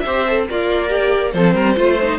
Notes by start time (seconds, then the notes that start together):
0.00 C4 C5 E5
0.07 G4
0.28 A4
0.49 A#3 F4 A#4 D5
0.89 G4
1.33 F3 C4 A4 C5
1.55 G3 A#4
1.76 A3 F4 C5
2.02 D#4